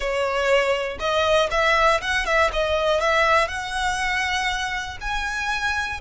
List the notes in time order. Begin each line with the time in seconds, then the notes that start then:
0.00 C#5
0.99 D#5
1.50 E5
2.01 F#5
2.25 E5
2.52 D#5
3.00 E5
3.48 F#5
5.00 G#5